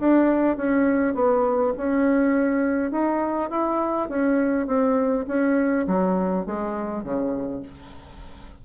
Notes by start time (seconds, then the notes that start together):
0.00 D4
0.57 C#4
1.15 B3
1.78 C#4
2.91 D#4
3.50 E4
4.09 C#4
4.67 C4
5.28 C#4
5.87 F#3
6.46 G#3
7.04 C#3